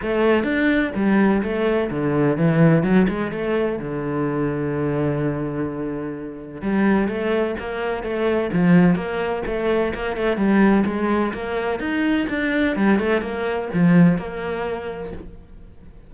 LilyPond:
\new Staff \with { instrumentName = "cello" } { \time 4/4 \tempo 4 = 127 a4 d'4 g4 a4 | d4 e4 fis8 gis8 a4 | d1~ | d2 g4 a4 |
ais4 a4 f4 ais4 | a4 ais8 a8 g4 gis4 | ais4 dis'4 d'4 g8 a8 | ais4 f4 ais2 | }